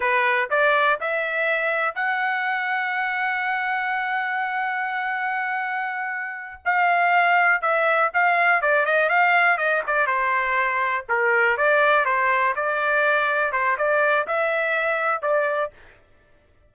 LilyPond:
\new Staff \with { instrumentName = "trumpet" } { \time 4/4 \tempo 4 = 122 b'4 d''4 e''2 | fis''1~ | fis''1~ | fis''4. f''2 e''8~ |
e''8 f''4 d''8 dis''8 f''4 dis''8 | d''8 c''2 ais'4 d''8~ | d''8 c''4 d''2 c''8 | d''4 e''2 d''4 | }